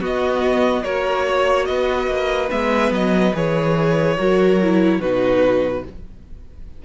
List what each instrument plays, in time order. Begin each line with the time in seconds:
0.00 cello B3, viola B3, violin F#4 D#5
0.83 cello A#3, viola F#4, violin A#4 C#5
1.26 violin C#5
1.65 cello B3, violin B4 D#5
2.07 cello A#3
2.50 cello G#3, viola B3, violin E5
2.91 cello F#3, violin D#5
3.34 cello E3, viola G#4, violin C#5
4.16 cello F#3, viola F#4, violin A#4
4.61 viola E4
4.99 cello B2, viola D#4, violin F#4 B4